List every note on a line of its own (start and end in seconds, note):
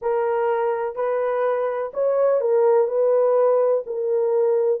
0.01 0.95 A#4
0.95 1.91 B4
1.93 2.40 C#5
2.40 2.87 A#4
2.87 3.83 B4
3.86 4.80 A#4